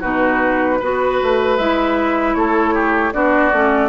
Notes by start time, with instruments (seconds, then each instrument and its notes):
0.00 bassoon B2, clarinet D#4, oboe F#4, flute B4
0.80 bassoon B3, clarinet F#4, oboe B4
1.22 bassoon A3
1.57 bassoon G#3, clarinet E4, flute E5
2.34 bassoon A3, oboe A4, flute C#5
2.74 oboe G4
3.12 bassoon B3, clarinet D4, oboe F#4, flute D5
3.52 bassoon A3, clarinet C#4